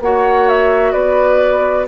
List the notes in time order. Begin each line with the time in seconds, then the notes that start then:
0.00 A#3 F#4 C#5 F#5
0.48 E5
0.92 B3 B4 D5